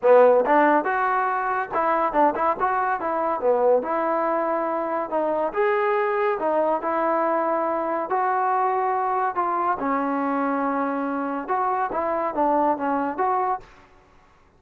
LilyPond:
\new Staff \with { instrumentName = "trombone" } { \time 4/4 \tempo 4 = 141 b4 d'4 fis'2 | e'4 d'8 e'8 fis'4 e'4 | b4 e'2. | dis'4 gis'2 dis'4 |
e'2. fis'4~ | fis'2 f'4 cis'4~ | cis'2. fis'4 | e'4 d'4 cis'4 fis'4 | }